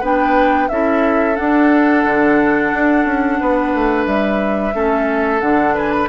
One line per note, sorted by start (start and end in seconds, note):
0.00 0.69 B3
0.00 0.70 D4
0.00 0.67 B4
0.00 0.69 G5
0.69 1.38 C#4
0.69 1.35 E4
0.69 3.40 A4
0.69 1.36 E5
1.35 4.72 D4
1.35 2.05 D4
1.35 4.05 F#5
2.05 2.72 D3
2.73 3.05 D4
3.05 3.39 C#4
3.40 3.74 B3
3.40 4.74 B4
3.74 4.06 A3
4.06 4.74 G3
4.06 5.40 E5
4.73 5.42 A3
4.73 5.40 C#4
4.73 5.74 A4
5.40 6.09 D3
5.40 6.08 D4
5.40 5.74 F#5
5.74 6.08 B4
5.74 5.91 G#5
5.91 6.08 B5